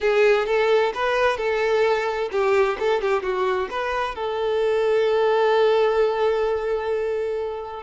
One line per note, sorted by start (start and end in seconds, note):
0.00 0.46 G#4
0.46 0.92 A4
0.94 1.37 B4
1.37 2.29 A4
2.31 2.77 G4
2.79 3.01 A4
3.01 3.22 G4
3.22 3.68 F#4
3.70 4.15 B4
4.15 7.83 A4